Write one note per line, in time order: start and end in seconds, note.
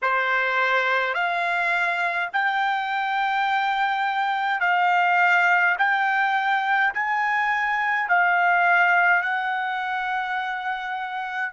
0.02 1.13 C5
1.13 2.29 F5
2.32 4.60 G5
4.60 5.75 F5
5.78 6.93 G5
6.93 8.08 G#5
8.08 9.22 F5
9.22 11.53 F#5